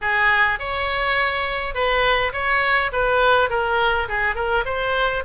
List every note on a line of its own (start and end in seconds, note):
0.01 0.59 G#4
0.59 1.74 C#5
1.74 2.32 B4
2.32 2.91 C#5
2.92 3.49 B4
3.49 4.08 A#4
4.08 4.35 G#4
4.35 4.64 A#4
4.65 5.23 C5